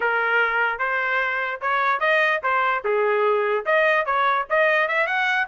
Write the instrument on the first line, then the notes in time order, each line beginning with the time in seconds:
trumpet
0.00 A#4
0.78 C5
1.61 C#5
2.00 D#5
2.43 C5
2.84 G#4
3.65 D#5
4.05 C#5
4.49 D#5
4.88 E5
5.06 F#5